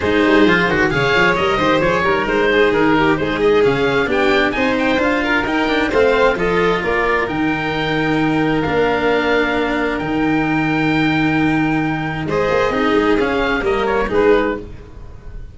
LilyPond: <<
  \new Staff \with { instrumentName = "oboe" } { \time 4/4 \tempo 4 = 132 c''2 f''4 dis''4 | cis''4 c''4 ais'4 c''8 dis''8 | f''4 g''4 gis''8 g''8 f''4 | g''4 f''4 dis''4 d''4 |
g''2. f''4~ | f''2 g''2~ | g''2. dis''4~ | dis''4 f''4 dis''8 cis''8 b'4 | }
  \new Staff \with { instrumentName = "violin" } { \time 4/4 gis'2 cis''4. c''8~ | c''8 ais'4 gis'4 g'8 gis'4~ | gis'4 g'4 c''4. ais'8~ | ais'4 c''4 a'4 ais'4~ |
ais'1~ | ais'1~ | ais'2. c''4 | gis'2 ais'4 gis'4 | }
  \new Staff \with { instrumentName = "cello" } { \time 4/4 dis'4 f'8 fis'8 gis'4 ais'8 g'8 | gis'8 dis'2.~ dis'8 | cis'4 d'4 dis'4 f'4 | dis'8 d'8 c'4 f'2 |
dis'2. d'4~ | d'2 dis'2~ | dis'2. gis'4 | dis'4 cis'4 ais4 dis'4 | }
  \new Staff \with { instrumentName = "tuba" } { \time 4/4 gis8 g8 f8 dis8 cis8 f8 g8 dis8 | f8 g8 gis4 dis4 gis4 | cis4 b4 c'4 d'4 | dis'4 a4 f4 ais4 |
dis2. ais4~ | ais2 dis2~ | dis2. gis8 ais8 | c'8 gis8 cis'4 g4 gis4 | }
>>